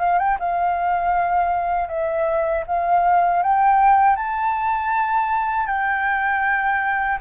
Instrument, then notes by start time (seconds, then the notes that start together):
flute
0.00 F5
0.19 G5
0.39 F5
1.89 E5
2.67 F5
3.43 G5
4.17 A5
5.67 G5